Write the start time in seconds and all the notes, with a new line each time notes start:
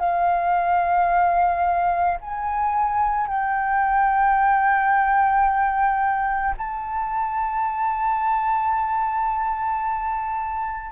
0.00 F5
2.21 G#5
3.28 G5
6.58 A5